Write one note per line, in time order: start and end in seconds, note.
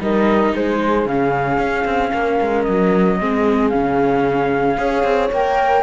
0.00 0.53 G3
0.00 1.07 D#4
0.00 0.54 A#4
0.00 0.55 D#5
0.54 1.06 G#3
0.54 2.14 G#4
0.54 1.08 C5
1.06 1.58 C#3
1.06 3.20 C#4
1.06 2.63 F5
1.58 1.85 C#4
1.85 2.12 C4
2.14 2.40 A#3
2.14 3.20 A#4
2.41 2.67 G#3
2.63 3.21 F#3
2.63 3.69 D#5
3.20 3.73 G#3
3.20 3.72 C4
3.20 4.79 G#4
3.69 4.78 C#3
3.69 4.78 C#4
3.69 5.29 F5
4.78 5.04 C#4
4.78 5.31 G#4
4.78 5.83 C#5
5.04 5.30 C4
5.32 5.83 A#3
5.32 5.83 A#4
5.32 5.83 G5